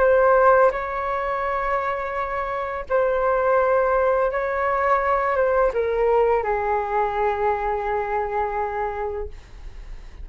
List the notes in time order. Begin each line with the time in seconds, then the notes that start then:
0.00 C5
0.72 C#5
2.90 C5
4.32 C#5
5.37 C5
5.74 A#4
6.44 G#4